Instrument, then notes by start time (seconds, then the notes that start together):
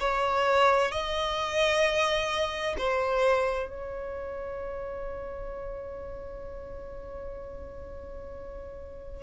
violin
0.00 C#5
0.91 D#5
2.78 C5
3.69 C#5